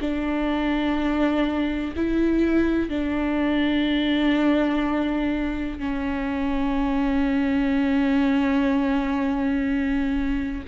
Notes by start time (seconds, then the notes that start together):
0.00 D4
1.96 E4
2.89 D4
5.79 C#4